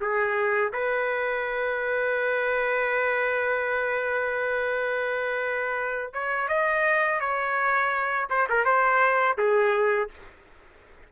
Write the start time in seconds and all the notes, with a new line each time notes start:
0.00 G#4
0.73 B4
6.13 C#5
6.48 D#5
7.20 C#5
8.30 C5
8.49 A#4
8.65 C5
9.37 G#4